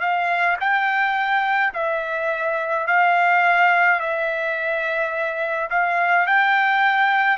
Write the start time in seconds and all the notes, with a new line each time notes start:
0.00 F5
0.60 G5
1.74 E5
2.87 F5
4.00 E5
5.70 F5
6.26 G5